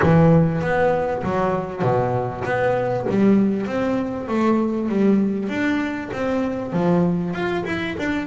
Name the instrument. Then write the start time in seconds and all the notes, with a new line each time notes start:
double bass
0.02 E3
0.61 B3
1.23 F#3
1.82 B2
2.44 B3
3.09 G3
3.66 C4
4.27 A3
4.88 G3
5.49 D4
6.12 C4
6.73 F3
7.33 F4
7.65 E4
7.98 D4